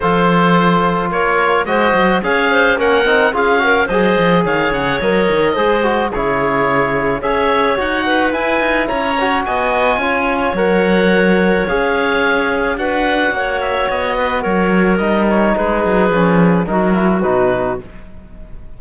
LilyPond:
<<
  \new Staff \with { instrumentName = "oboe" } { \time 4/4 \tempo 4 = 108 c''2 cis''4 dis''4 | f''4 fis''4 f''4 dis''4 | f''8 fis''8 dis''2 cis''4~ | cis''4 e''4 fis''4 gis''4 |
ais''4 gis''2 fis''4~ | fis''4 f''2 fis''4~ | fis''8 e''8 dis''4 cis''4 dis''8 cis''8 | b'2 ais'4 b'4 | }
  \new Staff \with { instrumentName = "clarinet" } { \time 4/4 a'2 ais'4 c''4 | cis''8 c''8 ais'4 gis'8 ais'8 c''4 | cis''2 c''4 gis'4~ | gis'4 cis''4. b'4. |
cis''4 dis''4 cis''2~ | cis''2. b'4 | cis''4. b'8 ais'2 | gis'2 fis'2 | }
  \new Staff \with { instrumentName = "trombone" } { \time 4/4 f'2. fis'4 | gis'4 cis'8 dis'8 f'8 fis'8 gis'4~ | gis'4 ais'4 gis'8 fis'8 e'4~ | e'4 gis'4 fis'4 e'4~ |
e'8 fis'4. f'4 ais'4~ | ais'4 gis'2 fis'4~ | fis'2. dis'4~ | dis'4 cis'4 dis'8 e'8 dis'4 | }
  \new Staff \with { instrumentName = "cello" } { \time 4/4 f2 ais4 gis8 fis8 | cis'4 ais8 c'8 cis'4 fis8 f8 | dis8 cis8 fis8 dis8 gis4 cis4~ | cis4 cis'4 dis'4 e'8 dis'8 |
cis'4 b4 cis'4 fis4~ | fis4 cis'2 d'4 | ais4 b4 fis4 g4 | gis8 fis8 f4 fis4 b,4 | }
>>